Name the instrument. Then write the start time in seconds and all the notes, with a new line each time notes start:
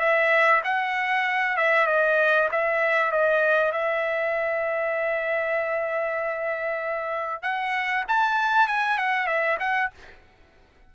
trumpet
0.00 E5
0.64 F#5
1.57 E5
1.87 D#5
2.52 E5
3.12 D#5
3.73 E5
7.43 F#5
8.08 A5
8.68 G#5
8.99 F#5
9.27 E5
9.60 F#5